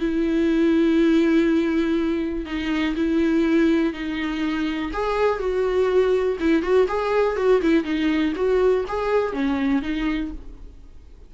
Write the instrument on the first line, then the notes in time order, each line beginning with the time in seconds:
viola
0.00 E4
2.46 D#4
2.96 E4
3.94 D#4
4.93 G#4
5.40 F#4
6.40 E4
6.63 F#4
6.88 G#4
7.37 F#4
7.62 E4
7.84 D#4
8.36 F#4
8.88 G#4
9.33 C#4
9.82 D#4